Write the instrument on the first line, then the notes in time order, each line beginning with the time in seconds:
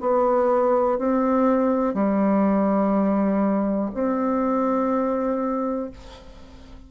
bassoon
0.00 B3
0.98 C4
1.94 G3
3.93 C4